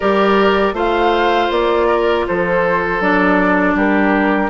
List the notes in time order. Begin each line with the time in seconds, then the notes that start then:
0.00 G3 G4 A#4 D5
0.73 A3 F4 C5 F5
1.50 A#3 D5
1.87 A#4
2.27 F3 A4 C5
3.00 F#3 D4 D5
3.74 G3 G4 A#4